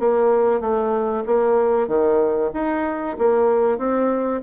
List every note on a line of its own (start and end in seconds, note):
0.00 0.61 A#3
0.61 1.24 A3
1.26 1.88 A#3
1.88 2.51 D#3
2.54 3.17 D#4
3.19 3.78 A#3
3.78 4.42 C4